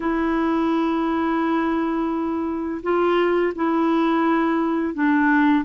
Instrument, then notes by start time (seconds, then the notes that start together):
clarinet
0.00 E4
2.82 F4
3.55 E4
4.93 D4